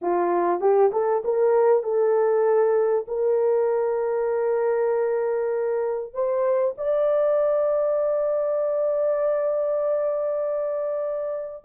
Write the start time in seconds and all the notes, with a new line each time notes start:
0.01 F4
0.60 G4
0.92 A4
1.24 A#4
1.83 A4
3.07 A#4
6.13 C5
6.77 D5